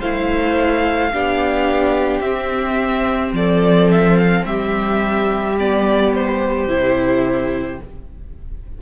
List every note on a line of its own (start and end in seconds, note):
0.00 1.14 A3
0.00 1.13 E4
0.00 1.11 C5
0.00 2.21 F5
1.13 2.21 B3
1.13 2.25 D4
1.13 3.35 G4
2.21 3.32 C4
2.21 5.58 C4
2.21 3.32 E5
3.33 4.44 F3
3.33 4.47 A4
3.33 3.91 D5
3.91 4.17 E5
4.17 4.45 F5
4.45 6.67 G3
4.45 7.80 G4
4.45 5.57 E5
5.58 6.69 B3
5.58 6.15 D5
6.15 7.82 C5
6.68 7.79 C3
6.68 7.80 E4